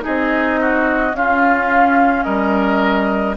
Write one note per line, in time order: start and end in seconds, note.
0.00 1.11 D#4
0.00 0.60 G#4
0.00 1.16 D#5
0.07 1.14 C4
0.61 1.16 F#4
1.14 2.25 C#4
1.14 3.37 C#4
1.14 2.25 F4
1.14 2.23 F5
2.23 3.37 G3
2.23 3.36 A#4
2.23 3.34 D#5